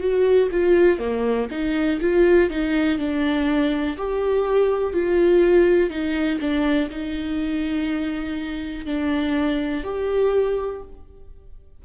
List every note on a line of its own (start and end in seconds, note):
0.00 0.49 F#4
0.51 0.99 F4
0.99 1.48 A#3
1.51 2.00 D#4
2.01 2.50 F4
2.50 2.98 D#4
2.98 3.97 D4
3.97 4.93 G4
4.93 5.90 F4
5.90 6.39 D#4
6.40 6.89 D4
6.90 8.85 D#4
8.85 9.84 D4
9.84 10.82 G4